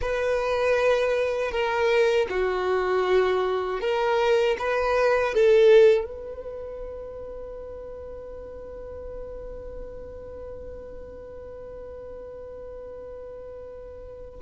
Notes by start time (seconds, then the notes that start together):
0.01 B4
1.51 A#4
2.29 F#4
3.80 A#4
4.58 B4
5.34 A4
6.04 B4